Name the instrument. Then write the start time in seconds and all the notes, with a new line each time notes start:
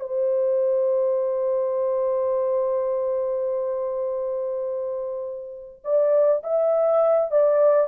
horn
0.00 C5
5.84 D5
6.43 E5
7.31 D5